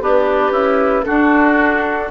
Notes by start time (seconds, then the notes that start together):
0.00 B3 D4 G4 B4
0.51 C#4 E4
1.04 D4 F#4 A4